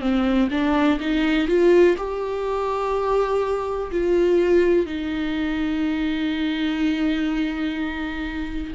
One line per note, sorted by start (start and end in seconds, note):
0.00 0.48 C4
0.51 0.99 D4
0.99 1.47 D#4
1.47 1.96 F4
1.97 3.91 G4
3.91 4.86 F4
4.86 8.73 D#4